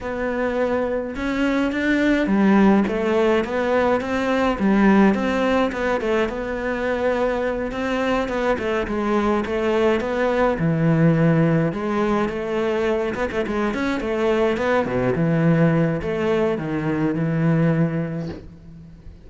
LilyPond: \new Staff \with { instrumentName = "cello" } { \time 4/4 \tempo 4 = 105 b2 cis'4 d'4 | g4 a4 b4 c'4 | g4 c'4 b8 a8 b4~ | b4. c'4 b8 a8 gis8~ |
gis8 a4 b4 e4.~ | e8 gis4 a4. b16 a16 gis8 | cis'8 a4 b8 b,8 e4. | a4 dis4 e2 | }